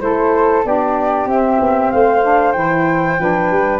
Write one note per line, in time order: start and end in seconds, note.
0.00 0.65 A3
0.00 0.63 E4
0.00 0.67 A4
0.00 0.64 C5
0.65 1.26 B3
0.65 1.29 D4
0.65 1.94 G4
0.65 1.28 D5
1.26 1.58 C4
1.26 2.23 C4
1.26 1.91 E5
1.60 1.92 B3
1.91 2.55 A3
1.91 3.21 C5
1.91 2.52 F5
2.23 2.54 D4
2.52 3.18 E3
2.52 3.17 E4
2.52 3.79 G5
3.19 3.50 F3
3.19 3.80 D4
3.19 3.80 B4
3.50 3.80 G3